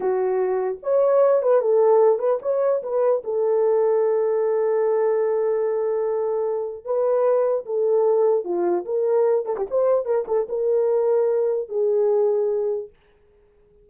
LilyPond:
\new Staff \with { instrumentName = "horn" } { \time 4/4 \tempo 4 = 149 fis'2 cis''4. b'8 | a'4. b'8 cis''4 b'4 | a'1~ | a'1~ |
a'4 b'2 a'4~ | a'4 f'4 ais'4. a'16 g'16 | c''4 ais'8 a'8 ais'2~ | ais'4 gis'2. | }